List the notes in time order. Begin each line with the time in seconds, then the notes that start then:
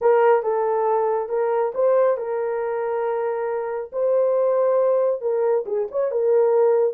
0.01 A#4
0.42 A4
1.28 A#4
1.74 C5
2.17 A#4
3.92 C5
5.21 A#4
5.66 G#4
5.91 C#5
6.11 A#4